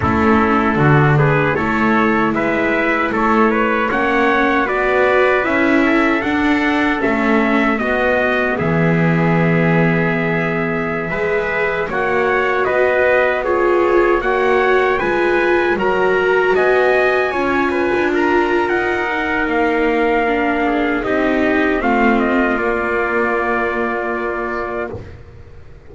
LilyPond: <<
  \new Staff \with { instrumentName = "trumpet" } { \time 4/4 \tempo 4 = 77 a'4. b'8 cis''4 e''4 | cis''4 fis''4 d''4 e''4 | fis''4 e''4 dis''4 e''4~ | e''2.~ e''16 fis''8.~ |
fis''16 dis''4 cis''4 fis''4 gis''8.~ | gis''16 ais''4 gis''2 ais''8. | fis''4 f''2 dis''4 | f''8 dis''8 d''2. | }
  \new Staff \with { instrumentName = "trumpet" } { \time 4/4 e'4 fis'8 gis'8 a'4 b'4 | a'8 b'8 cis''4 b'4. a'8~ | a'2 fis'4 gis'4~ | gis'2~ gis'16 b'4 cis''8.~ |
cis''16 b'4 gis'4 cis''4 b'8.~ | b'16 ais'4 dis''4 cis''8 b'8 ais'8.~ | ais'2~ ais'8 gis'8 g'4 | f'1 | }
  \new Staff \with { instrumentName = "viola" } { \time 4/4 cis'4 d'4 e'2~ | e'4 cis'4 fis'4 e'4 | d'4 cis'4 b2~ | b2~ b16 gis'4 fis'8.~ |
fis'4~ fis'16 f'4 fis'4 f'8.~ | f'16 fis'2 f'4.~ f'16~ | f'8 dis'4. d'4 dis'4 | c'4 ais2. | }
  \new Staff \with { instrumentName = "double bass" } { \time 4/4 a4 d4 a4 gis4 | a4 ais4 b4 cis'4 | d'4 a4 b4 e4~ | e2~ e16 gis4 ais8.~ |
ais16 b2 ais4 gis8.~ | gis16 fis4 b4 cis'8. d'4 | dis'4 ais2 c'4 | a4 ais2. | }
>>